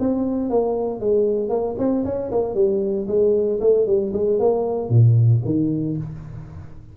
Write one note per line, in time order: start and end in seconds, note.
0.00 0.50 C4
0.50 1.00 A#3
1.00 1.49 G#3
1.49 1.75 A#3
1.79 2.05 C4
2.05 2.31 C#4
2.31 2.55 A#3
2.55 3.07 G3
3.08 3.60 G#3
3.61 3.87 A3
3.87 4.13 G3
4.13 4.39 G#3
4.40 4.89 A#3
4.89 5.42 A#2
5.45 5.97 D#3